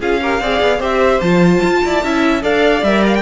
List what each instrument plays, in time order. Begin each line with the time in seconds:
0.00 cello C#4, viola F4, violin G#4 F5
0.21 viola G4, violin A#4
0.40 cello C4, viola G#4, violin D5
0.61 cello B3
0.79 cello C4, viola G4, violin C5 E5
1.20 cello F3, viola F4, violin A5
1.63 cello F4
1.84 cello E4, violin D5
2.03 cello C#4, viola E4, violin E5
2.41 cello D4, viola A4, violin D5 F5
2.82 cello G3, viola A#4, violin E5
3.06 violin F5
3.15 violin G5